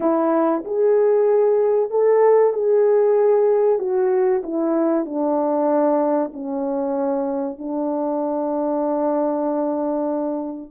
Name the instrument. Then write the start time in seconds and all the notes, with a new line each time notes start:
horn
0.00 E4
0.64 G#4
1.90 A4
2.53 G#4
3.78 F#4
4.43 E4
5.05 D4
6.33 C#4
7.58 D4